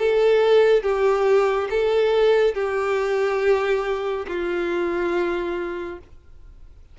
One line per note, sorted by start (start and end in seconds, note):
0.00 0.83 A4
0.83 1.69 G4
1.70 2.55 A4
2.55 4.26 G4
4.28 5.99 F4